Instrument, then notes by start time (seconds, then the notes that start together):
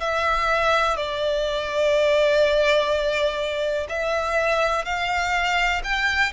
violin
0.00 E5
0.97 D5
3.89 E5
4.85 F5
5.84 G5